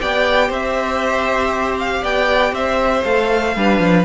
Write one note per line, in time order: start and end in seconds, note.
0.00 0.50 B3
0.00 3.05 G4
0.00 0.47 D5
0.00 0.51 G5
0.47 2.02 C4
0.47 2.00 C5
0.47 1.79 E5
1.79 2.04 F5
2.01 2.52 B3
2.01 2.52 D5
2.01 2.54 G5
2.52 3.03 C4
2.52 3.56 C5
2.52 3.04 E5
3.04 3.56 A3
3.04 3.55 A4
3.04 4.05 F5
3.56 3.80 G3
3.56 4.05 D4
3.56 4.05 B4
3.80 4.05 F3